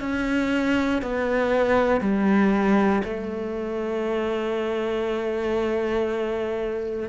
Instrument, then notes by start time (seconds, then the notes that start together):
cello
0.00 C#4
1.02 B3
2.01 G3
3.04 A3